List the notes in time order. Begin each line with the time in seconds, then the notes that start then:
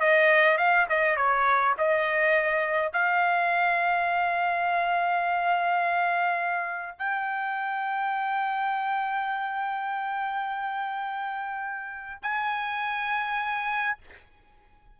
0.00 D#5
0.57 F5
0.89 D#5
1.16 C#5
1.78 D#5
2.93 F5
6.98 G5
12.22 G#5